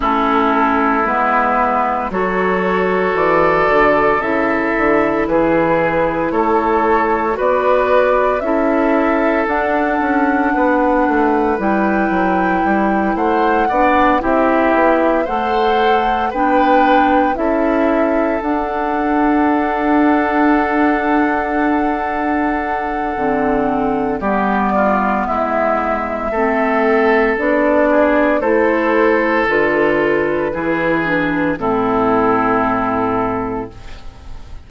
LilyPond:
<<
  \new Staff \with { instrumentName = "flute" } { \time 4/4 \tempo 4 = 57 a'4 b'4 cis''4 d''4 | e''4 b'4 cis''4 d''4 | e''4 fis''2 g''4~ | g''8 fis''4 e''4 fis''4 g''8~ |
g''8 e''4 fis''2~ fis''8~ | fis''2. d''4 | e''2 d''4 c''4 | b'2 a'2 | }
  \new Staff \with { instrumentName = "oboe" } { \time 4/4 e'2 a'2~ | a'4 gis'4 a'4 b'4 | a'2 b'2~ | b'8 c''8 d''8 g'4 c''4 b'8~ |
b'8 a'2.~ a'8~ | a'2. g'8 f'8 | e'4 a'4. gis'8 a'4~ | a'4 gis'4 e'2 | }
  \new Staff \with { instrumentName = "clarinet" } { \time 4/4 cis'4 b4 fis'2 | e'2. fis'4 | e'4 d'2 e'4~ | e'4 d'8 e'4 a'4 d'8~ |
d'8 e'4 d'2~ d'8~ | d'2 c'4 b4~ | b4 c'4 d'4 e'4 | f'4 e'8 d'8 c'2 | }
  \new Staff \with { instrumentName = "bassoon" } { \time 4/4 a4 gis4 fis4 e8 d8 | cis8 d8 e4 a4 b4 | cis'4 d'8 cis'8 b8 a8 g8 fis8 | g8 a8 b8 c'8 b8 a4 b8~ |
b8 cis'4 d'2~ d'8~ | d'2 d4 g4 | gis4 a4 b4 a4 | d4 e4 a,2 | }
>>